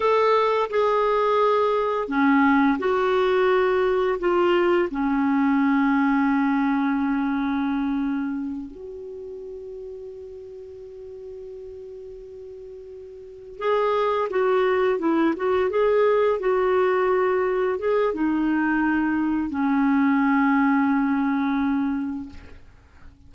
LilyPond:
\new Staff \with { instrumentName = "clarinet" } { \time 4/4 \tempo 4 = 86 a'4 gis'2 cis'4 | fis'2 f'4 cis'4~ | cis'1~ | cis'8 fis'2.~ fis'8~ |
fis'2.~ fis'8 gis'8~ | gis'8 fis'4 e'8 fis'8 gis'4 fis'8~ | fis'4. gis'8 dis'2 | cis'1 | }